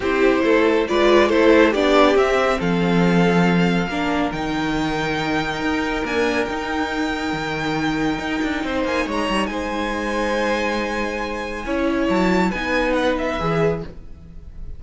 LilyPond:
<<
  \new Staff \with { instrumentName = "violin" } { \time 4/4 \tempo 4 = 139 c''2 d''4 c''4 | d''4 e''4 f''2~ | f''2 g''2~ | g''2 gis''4 g''4~ |
g''1~ | g''8 gis''8 ais''4 gis''2~ | gis''1 | a''4 gis''4 fis''8 e''4. | }
  \new Staff \with { instrumentName = "violin" } { \time 4/4 g'4 a'4 b'4 a'4 | g'2 a'2~ | a'4 ais'2.~ | ais'1~ |
ais'1 | c''4 cis''4 c''2~ | c''2. cis''4~ | cis''4 b'2. | }
  \new Staff \with { instrumentName = "viola" } { \time 4/4 e'2 f'4 e'4 | d'4 c'2.~ | c'4 d'4 dis'2~ | dis'2 ais4 dis'4~ |
dis'1~ | dis'1~ | dis'2. e'4~ | e'4 dis'2 gis'4 | }
  \new Staff \with { instrumentName = "cello" } { \time 4/4 c'4 a4 gis4 a4 | b4 c'4 f2~ | f4 ais4 dis2~ | dis4 dis'4 d'4 dis'4~ |
dis'4 dis2 dis'8 d'8 | c'8 ais8 gis8 g8 gis2~ | gis2. cis'4 | fis4 b2 e4 | }
>>